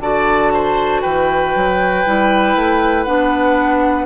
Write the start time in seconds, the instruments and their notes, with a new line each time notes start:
0.00 bassoon D3, clarinet F#4, oboe D5, flute A5
0.53 oboe C5
1.01 bassoon E3, oboe B4, flute G5
1.55 bassoon F#3
2.06 bassoon G3, clarinet E4
2.56 bassoon A3
3.04 bassoon B3, clarinet D4, flute F#5